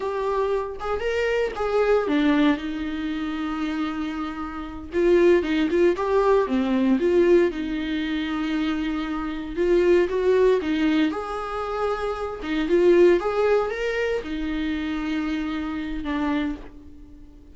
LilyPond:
\new Staff \with { instrumentName = "viola" } { \time 4/4 \tempo 4 = 116 g'4. gis'8 ais'4 gis'4 | d'4 dis'2.~ | dis'4. f'4 dis'8 f'8 g'8~ | g'8 c'4 f'4 dis'4.~ |
dis'2~ dis'8 f'4 fis'8~ | fis'8 dis'4 gis'2~ gis'8 | dis'8 f'4 gis'4 ais'4 dis'8~ | dis'2. d'4 | }